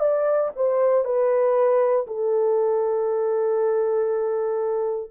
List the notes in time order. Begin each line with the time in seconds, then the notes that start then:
0.00 D5
0.56 C5
1.05 B4
2.07 A4